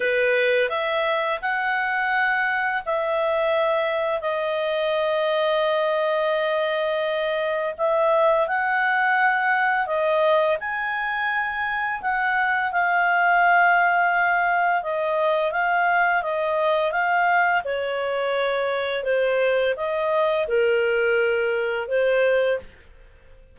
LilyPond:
\new Staff \with { instrumentName = "clarinet" } { \time 4/4 \tempo 4 = 85 b'4 e''4 fis''2 | e''2 dis''2~ | dis''2. e''4 | fis''2 dis''4 gis''4~ |
gis''4 fis''4 f''2~ | f''4 dis''4 f''4 dis''4 | f''4 cis''2 c''4 | dis''4 ais'2 c''4 | }